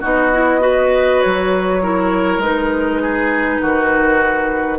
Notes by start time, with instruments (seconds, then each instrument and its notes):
0.00 bassoon B3, clarinet D#4, oboe F#4, flute D#5
0.33 clarinet E4
0.60 clarinet F#4, oboe B4
1.21 bassoon F#3, flute C#5
1.82 clarinet E4, oboe A#4
2.38 bassoon G#3, clarinet D#4, flute B4
3.02 oboe G#4
3.61 bassoon D#3, oboe F#4